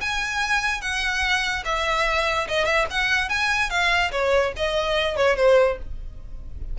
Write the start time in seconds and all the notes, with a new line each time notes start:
0.00 G#5
0.81 F#5
1.65 E5
2.48 D#5
2.65 E5
2.90 F#5
3.29 G#5
3.70 F5
4.11 C#5
4.56 D#5
5.16 C#5
5.36 C5